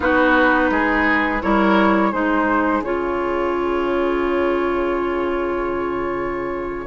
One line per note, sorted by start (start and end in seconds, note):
0.00 0.70 B3
0.00 1.39 D#4
0.00 0.70 F#4
0.00 1.42 B4
0.70 1.41 G#3
0.70 1.42 G#4
1.42 2.13 G3
1.42 2.12 E4
1.42 2.11 A#4
1.42 2.12 C#5
2.11 2.81 G#3
2.11 2.82 D#4
2.11 6.86 G#4
2.11 2.82 C5
2.81 6.86 C#3
2.81 6.86 F4
2.81 6.86 C#5